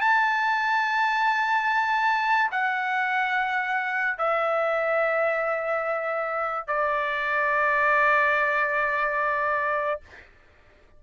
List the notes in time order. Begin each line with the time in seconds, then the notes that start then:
0.00 A5
2.51 F#5
4.17 E5
6.67 D5